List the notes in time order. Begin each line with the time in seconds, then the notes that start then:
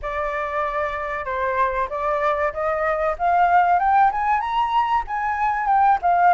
0.01 D5
1.25 C5
1.89 D5
2.53 D#5
3.18 F5
3.79 G5
4.11 G#5
4.40 A#5
5.07 G#5
5.66 G5
6.02 F5